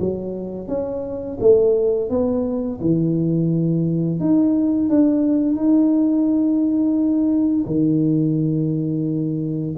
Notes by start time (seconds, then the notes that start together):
0.00 F#3
0.68 C#4
1.40 A3
2.10 B3
2.81 E3
4.20 D#4
4.90 D4
5.56 D#4
7.67 D#3